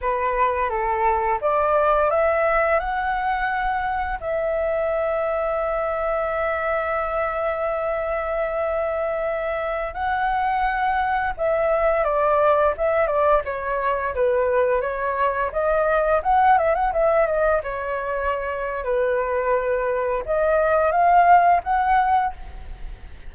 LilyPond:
\new Staff \with { instrumentName = "flute" } { \time 4/4 \tempo 4 = 86 b'4 a'4 d''4 e''4 | fis''2 e''2~ | e''1~ | e''2~ e''16 fis''4.~ fis''16~ |
fis''16 e''4 d''4 e''8 d''8 cis''8.~ | cis''16 b'4 cis''4 dis''4 fis''8 e''16 | fis''16 e''8 dis''8 cis''4.~ cis''16 b'4~ | b'4 dis''4 f''4 fis''4 | }